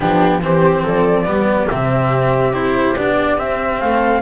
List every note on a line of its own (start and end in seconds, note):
0.00 0.42 F3
0.00 0.41 B3
0.00 0.40 D4
0.00 0.42 G4
0.41 0.84 E3
0.41 1.25 C4
0.41 0.83 G4
0.41 0.85 C5
0.83 1.25 F3
0.83 1.25 A4
0.83 1.69 D5
1.25 1.68 G3
1.25 1.67 B3
1.25 3.80 G4
1.69 2.51 C3
1.69 2.52 C4
1.69 2.54 E5
2.51 2.93 C4
2.51 2.95 E4
2.51 2.96 C5
2.96 3.38 B3
2.96 3.37 D4
2.96 3.38 D5
3.37 4.21 C4
3.37 3.81 C4
3.37 3.80 E5
3.80 4.21 A3
3.80 4.21 A4
3.80 4.21 F5